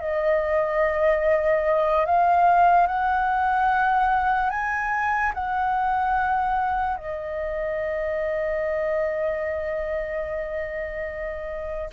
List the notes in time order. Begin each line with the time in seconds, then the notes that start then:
0.00 D#5
2.06 F5
2.87 F#5
4.50 G#5
5.34 F#5
6.97 D#5